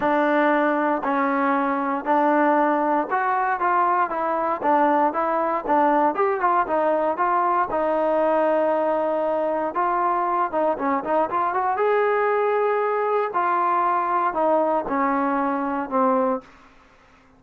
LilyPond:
\new Staff \with { instrumentName = "trombone" } { \time 4/4 \tempo 4 = 117 d'2 cis'2 | d'2 fis'4 f'4 | e'4 d'4 e'4 d'4 | g'8 f'8 dis'4 f'4 dis'4~ |
dis'2. f'4~ | f'8 dis'8 cis'8 dis'8 f'8 fis'8 gis'4~ | gis'2 f'2 | dis'4 cis'2 c'4 | }